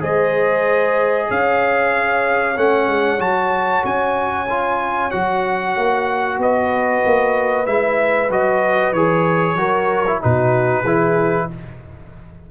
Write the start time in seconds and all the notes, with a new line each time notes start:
0.00 G#3 G#4 C5 D#5
1.28 C#4 C#5 F5
2.57 A3 C#4 F#5
2.88 G#3
3.18 F#3 F#4 A5
3.85 C#4 G#5
4.50 F4
5.11 F#3 F#4 F#5
5.77 A#3
6.38 B3 B4 D#5
7.06 A#3
7.66 G#3 E4 E5
8.30 F#3 F#4 D#5
8.92 E3 G#4 C#5
9.55 F#3 F#4 A#4
10.07 E4
10.21 B2 D#4 F#4 B4
10.83 E3 E4 G#4